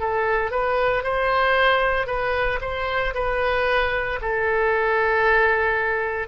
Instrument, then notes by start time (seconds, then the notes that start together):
oboe
0.00 A4
0.52 B4
1.04 C5
2.07 B4
2.61 C5
3.15 B4
4.22 A4